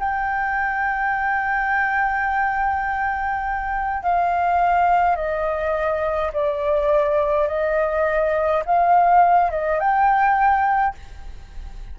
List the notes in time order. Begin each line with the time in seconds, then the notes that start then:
0.00 G5
4.04 F5
5.16 D#5
6.34 D5
7.48 D#5
8.66 F5
9.51 D#5
9.80 G5